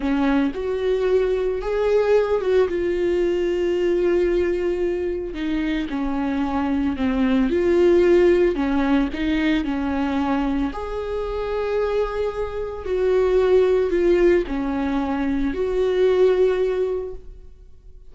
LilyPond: \new Staff \with { instrumentName = "viola" } { \time 4/4 \tempo 4 = 112 cis'4 fis'2 gis'4~ | gis'8 fis'8 f'2.~ | f'2 dis'4 cis'4~ | cis'4 c'4 f'2 |
cis'4 dis'4 cis'2 | gis'1 | fis'2 f'4 cis'4~ | cis'4 fis'2. | }